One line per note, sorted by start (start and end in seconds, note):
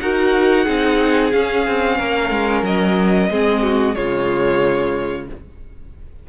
0.00 0.66 D#4
0.00 0.65 F#4
0.00 0.64 A#4
0.00 1.32 F#5
0.64 1.33 C4
0.64 1.31 D#4
0.64 1.96 G#4
1.32 3.30 C#4
1.32 1.66 C#4
1.32 2.63 F5
1.67 1.99 C4
1.98 2.30 A#3
1.98 3.30 A#4
2.30 2.62 G#3
2.62 3.28 F#3
2.62 3.95 D#5
3.30 3.96 G#3
3.30 3.94 C4
3.30 3.62 G#4
3.62 3.95 F#4
3.94 5.29 C#3
3.94 5.26 G#3
3.94 5.28 F4
3.94 5.27 C#5